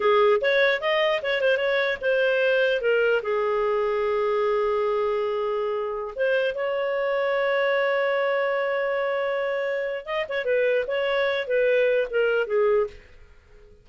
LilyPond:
\new Staff \with { instrumentName = "clarinet" } { \time 4/4 \tempo 4 = 149 gis'4 cis''4 dis''4 cis''8 c''8 | cis''4 c''2 ais'4 | gis'1~ | gis'2.~ gis'16 c''8.~ |
c''16 cis''2.~ cis''8.~ | cis''1~ | cis''4 dis''8 cis''8 b'4 cis''4~ | cis''8 b'4. ais'4 gis'4 | }